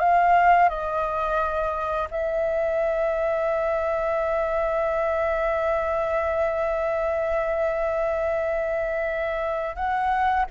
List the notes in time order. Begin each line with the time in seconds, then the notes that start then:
0.00 F5
0.69 D#5
2.11 E5
9.76 F#5